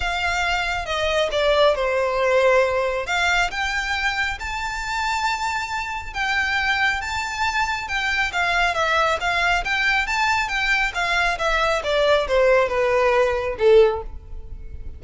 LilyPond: \new Staff \with { instrumentName = "violin" } { \time 4/4 \tempo 4 = 137 f''2 dis''4 d''4 | c''2. f''4 | g''2 a''2~ | a''2 g''2 |
a''2 g''4 f''4 | e''4 f''4 g''4 a''4 | g''4 f''4 e''4 d''4 | c''4 b'2 a'4 | }